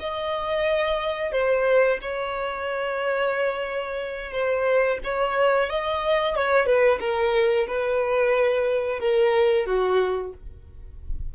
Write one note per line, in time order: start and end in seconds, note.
0.00 1.32 D#5
1.32 1.99 C5
2.02 4.32 C#5
4.32 4.99 C5
5.04 5.70 C#5
5.70 6.36 D#5
6.36 6.66 C#5
6.66 7.00 B4
7.01 7.67 A#4
7.68 9.00 B4
9.00 9.67 A#4
9.67 10.33 F#4